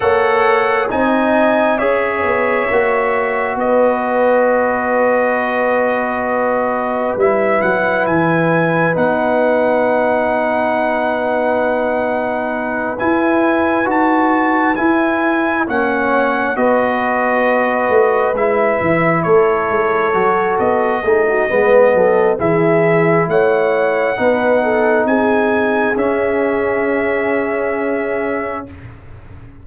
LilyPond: <<
  \new Staff \with { instrumentName = "trumpet" } { \time 4/4 \tempo 4 = 67 fis''4 gis''4 e''2 | dis''1 | e''8 fis''8 gis''4 fis''2~ | fis''2~ fis''8 gis''4 a''8~ |
a''8 gis''4 fis''4 dis''4.~ | dis''8 e''4 cis''4. dis''4~ | dis''4 e''4 fis''2 | gis''4 e''2. | }
  \new Staff \with { instrumentName = "horn" } { \time 4/4 cis''4 dis''4 cis''2 | b'1~ | b'1~ | b'1~ |
b'4. cis''4 b'4.~ | b'4. a'2 gis'16 fis'16 | b'8 a'8 gis'4 cis''4 b'8 a'8 | gis'1 | }
  \new Staff \with { instrumentName = "trombone" } { \time 4/4 a'4 dis'4 gis'4 fis'4~ | fis'1 | e'2 dis'2~ | dis'2~ dis'8 e'4 fis'8~ |
fis'8 e'4 cis'4 fis'4.~ | fis'8 e'2 fis'4 dis'8 | b4 e'2 dis'4~ | dis'4 cis'2. | }
  \new Staff \with { instrumentName = "tuba" } { \time 4/4 ais4 c'4 cis'8 b8 ais4 | b1 | g8 fis8 e4 b2~ | b2~ b8 e'4 dis'8~ |
dis'8 e'4 ais4 b4. | a8 gis8 e8 a8 gis8 fis8 b8 a8 | gis8 fis8 e4 a4 b4 | c'4 cis'2. | }
>>